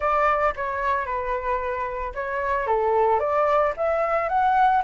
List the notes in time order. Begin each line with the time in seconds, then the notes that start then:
0.00 D5
0.56 C#5
1.05 B4
2.14 C#5
2.66 A4
3.19 D5
3.76 E5
4.29 F#5